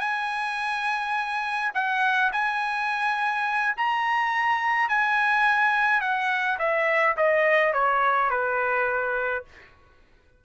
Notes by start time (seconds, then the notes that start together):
0.00 G#5
1.74 F#5
2.32 G#5
3.77 A#5
4.89 G#5
6.01 F#5
6.59 E5
7.17 D#5
7.73 C#5
8.30 B4